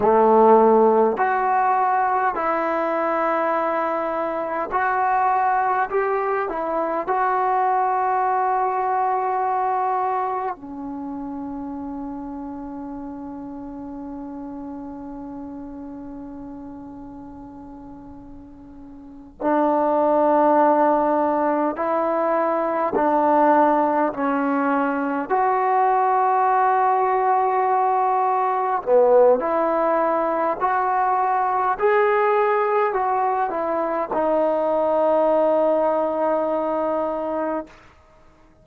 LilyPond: \new Staff \with { instrumentName = "trombone" } { \time 4/4 \tempo 4 = 51 a4 fis'4 e'2 | fis'4 g'8 e'8 fis'2~ | fis'4 cis'2.~ | cis'1~ |
cis'8 d'2 e'4 d'8~ | d'8 cis'4 fis'2~ fis'8~ | fis'8 b8 e'4 fis'4 gis'4 | fis'8 e'8 dis'2. | }